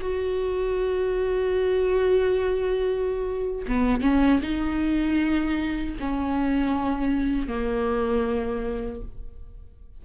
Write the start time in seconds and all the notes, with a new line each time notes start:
0.00 F#4
3.67 B3
4.01 C#4
4.42 D#4
6.00 C#4
7.47 A#3